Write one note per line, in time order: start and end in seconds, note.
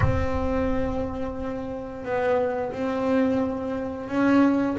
0.00 2.05 C4
2.05 2.72 B3
2.72 4.08 C4
4.08 4.76 C#4